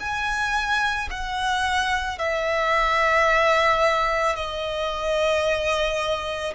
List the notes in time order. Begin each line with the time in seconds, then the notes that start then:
0.00 G#5
1.11 F#5
2.18 E5
4.36 D#5